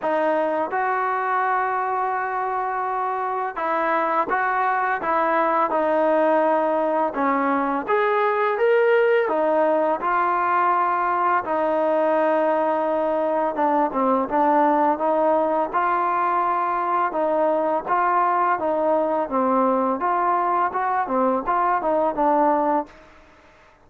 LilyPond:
\new Staff \with { instrumentName = "trombone" } { \time 4/4 \tempo 4 = 84 dis'4 fis'2.~ | fis'4 e'4 fis'4 e'4 | dis'2 cis'4 gis'4 | ais'4 dis'4 f'2 |
dis'2. d'8 c'8 | d'4 dis'4 f'2 | dis'4 f'4 dis'4 c'4 | f'4 fis'8 c'8 f'8 dis'8 d'4 | }